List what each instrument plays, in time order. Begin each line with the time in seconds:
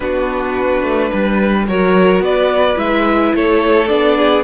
0.00 cello B3, viola D4, violin F#4 B4
0.82 cello A3
1.10 cello G3, violin B4
1.67 cello F#3, viola F#4, violin A#4 C#5
2.19 cello B3, violin B4 D5
2.76 cello G#3, viola E4, violin E5
3.34 cello A3, violin A4 C#5
3.87 cello B3, viola D4, violin D5
4.17 violin G#4